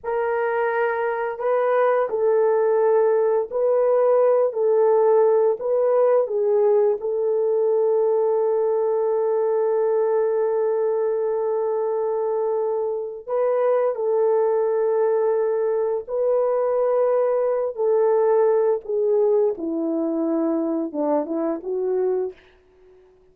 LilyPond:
\new Staff \with { instrumentName = "horn" } { \time 4/4 \tempo 4 = 86 ais'2 b'4 a'4~ | a'4 b'4. a'4. | b'4 gis'4 a'2~ | a'1~ |
a'2. b'4 | a'2. b'4~ | b'4. a'4. gis'4 | e'2 d'8 e'8 fis'4 | }